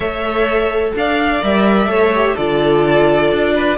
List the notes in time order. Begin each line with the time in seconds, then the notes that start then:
0.00 A3 A4 C#5 E5
0.95 D4 D5 F5
1.41 G3 A#4 E5
1.86 A3 A4 C#5
2.14 G4
2.35 D3 F4 A4 D5
3.32 D4
3.54 B4